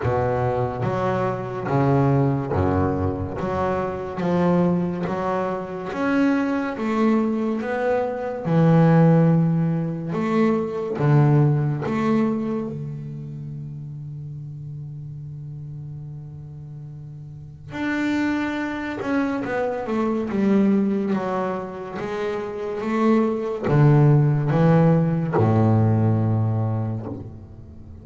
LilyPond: \new Staff \with { instrumentName = "double bass" } { \time 4/4 \tempo 4 = 71 b,4 fis4 cis4 fis,4 | fis4 f4 fis4 cis'4 | a4 b4 e2 | a4 d4 a4 d4~ |
d1~ | d4 d'4. cis'8 b8 a8 | g4 fis4 gis4 a4 | d4 e4 a,2 | }